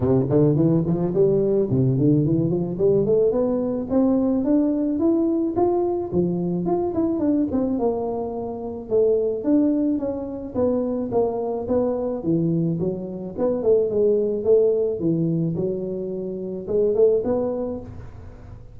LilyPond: \new Staff \with { instrumentName = "tuba" } { \time 4/4 \tempo 4 = 108 c8 d8 e8 f8 g4 c8 d8 | e8 f8 g8 a8 b4 c'4 | d'4 e'4 f'4 f4 | f'8 e'8 d'8 c'8 ais2 |
a4 d'4 cis'4 b4 | ais4 b4 e4 fis4 | b8 a8 gis4 a4 e4 | fis2 gis8 a8 b4 | }